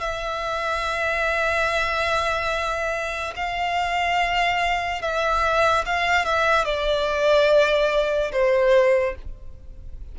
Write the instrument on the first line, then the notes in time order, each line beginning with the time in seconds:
violin
0.00 E5
3.36 F5
5.01 E5
5.85 F5
6.25 E5
6.64 D5
8.31 C5